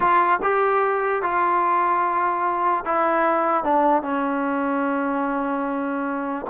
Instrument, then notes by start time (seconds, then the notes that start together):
trombone
0.00 F4
0.42 G4
1.22 F4
2.85 E4
3.64 D4
4.02 C#4